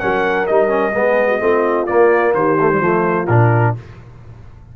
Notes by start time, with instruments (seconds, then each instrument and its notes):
0.00 tuba F#3, trombone C#4, horn A#4, trumpet F#5
0.47 tuba G3, trombone D#4, trumpet D#5
0.69 trombone C#4
0.94 tuba G#3, trombone B3, horn G#4
1.28 horn F#4
1.40 tuba A3, trombone C4, horn F4
1.87 trombone A#3, tuba A#3, trumpet D5
2.35 tuba D#3, horn G4, trumpet C5
2.60 trombone A3
2.72 trombone G3
2.81 tuba F3, trombone A3, horn F4
3.27 tuba A#2, trombone D4, trumpet A#4